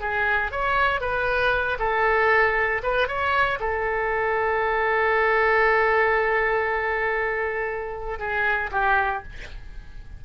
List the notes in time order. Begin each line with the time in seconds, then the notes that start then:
0.00 G#4
0.51 C#5
1.01 B4
1.79 A4
2.83 B4
3.08 C#5
3.60 A4
8.19 G#4
8.72 G4